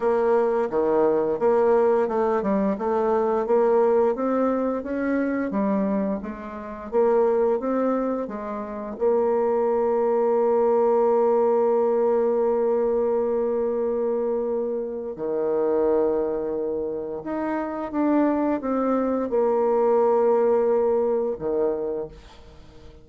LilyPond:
\new Staff \with { instrumentName = "bassoon" } { \time 4/4 \tempo 4 = 87 ais4 dis4 ais4 a8 g8 | a4 ais4 c'4 cis'4 | g4 gis4 ais4 c'4 | gis4 ais2.~ |
ais1~ | ais2 dis2~ | dis4 dis'4 d'4 c'4 | ais2. dis4 | }